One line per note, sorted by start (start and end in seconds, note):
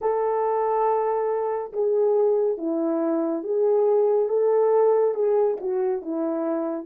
0.01 1.72 A4
1.73 2.57 G#4
2.57 3.43 E4
3.43 4.29 G#4
4.29 5.14 A4
5.14 5.57 G#4
5.60 6.02 F#4
6.02 6.86 E4